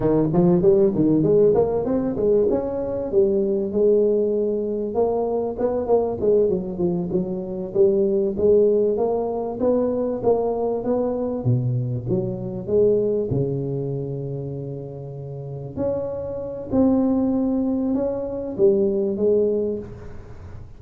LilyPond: \new Staff \with { instrumentName = "tuba" } { \time 4/4 \tempo 4 = 97 dis8 f8 g8 dis8 gis8 ais8 c'8 gis8 | cis'4 g4 gis2 | ais4 b8 ais8 gis8 fis8 f8 fis8~ | fis8 g4 gis4 ais4 b8~ |
b8 ais4 b4 b,4 fis8~ | fis8 gis4 cis2~ cis8~ | cis4. cis'4. c'4~ | c'4 cis'4 g4 gis4 | }